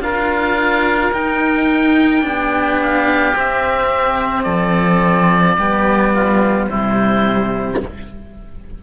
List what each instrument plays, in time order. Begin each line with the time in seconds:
0.00 cello D4 F4, oboe A#4 F5
1.13 cello D#4, oboe G5
2.22 cello B3 D4, oboe G4
2.82 oboe F5
3.36 cello C4, oboe E5
4.44 cello F3, oboe A4 D5
5.58 cello G3 B3, oboe G4
6.14 oboe F4
6.69 cello C3 G3, oboe E4 C5